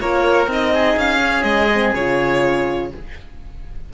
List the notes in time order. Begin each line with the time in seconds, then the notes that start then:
0.00 A#3 F4 A#4 C#5
0.47 C4 D#4 D#5
0.74 G#4
0.97 C#4 F5
1.23 C#4
1.43 G#3 D#5
1.74 C4
1.94 C#3 F4 C#5